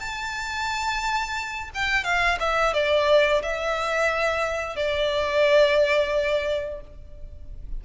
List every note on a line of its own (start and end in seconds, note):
0.00 1.70 A5
1.74 2.04 G5
2.04 2.38 F5
2.40 2.74 E5
2.74 3.42 D5
3.42 4.76 E5
4.76 6.81 D5